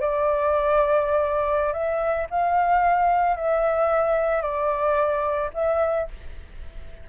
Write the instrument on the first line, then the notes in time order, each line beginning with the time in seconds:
flute
0.00 D5
1.73 E5
2.30 F5
3.37 E5
4.42 D5
5.54 E5